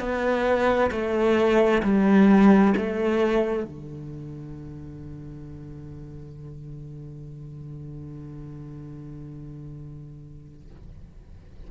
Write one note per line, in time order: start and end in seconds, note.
0.00 0.91 B3
0.92 1.83 A3
1.83 2.74 G3
2.77 3.64 A3
3.64 10.69 D3